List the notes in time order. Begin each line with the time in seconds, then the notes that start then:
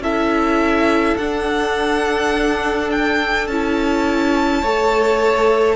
0.00 C#4 E4 A4 E5
1.17 D4 F#5
2.92 G5
3.48 C#4 E4 A5
4.62 A3 A4 C#5